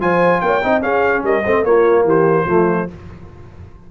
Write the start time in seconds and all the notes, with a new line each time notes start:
0.00 F3 F4 C5 G#5
0.41 A#3 C#5 G5
0.62 C4 D#4 D#5
0.81 C#4 G#4 F5
1.23 G3 A#4 D#5
1.44 A3 C4 C5
1.64 A#3 F4 C#5
2.04 E3 G4 C5
2.45 F3 A3 F4